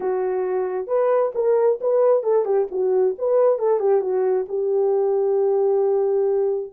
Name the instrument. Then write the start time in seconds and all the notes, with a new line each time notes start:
horn
0.00 F#4
0.87 B4
1.35 A#4
1.80 B4
2.23 A4
2.45 G4
2.71 F#4
3.18 B4
3.58 A4
3.79 G4
4.01 F#4
4.48 G4